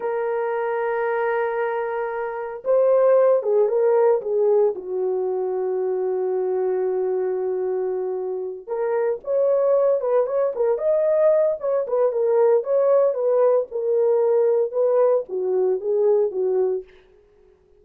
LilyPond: \new Staff \with { instrumentName = "horn" } { \time 4/4 \tempo 4 = 114 ais'1~ | ais'4 c''4. gis'8 ais'4 | gis'4 fis'2.~ | fis'1~ |
fis'8 ais'4 cis''4. b'8 cis''8 | ais'8 dis''4. cis''8 b'8 ais'4 | cis''4 b'4 ais'2 | b'4 fis'4 gis'4 fis'4 | }